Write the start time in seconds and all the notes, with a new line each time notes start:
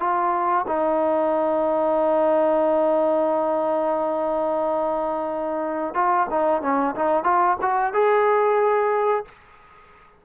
0.00 F4
0.67 D#4
5.94 F4
6.30 D#4
6.62 C#4
6.95 D#4
7.24 F4
7.62 F#4
7.94 G#4